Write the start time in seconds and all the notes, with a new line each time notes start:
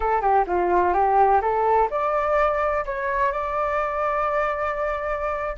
0.00 A4
0.21 G4
0.47 F4
0.93 G4
1.41 A4
1.90 D5
2.85 C#5
3.32 D5